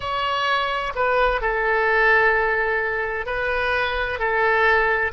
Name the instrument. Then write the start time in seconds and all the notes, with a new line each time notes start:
oboe
0.00 C#5
0.95 B4
1.41 A4
3.26 B4
4.19 A4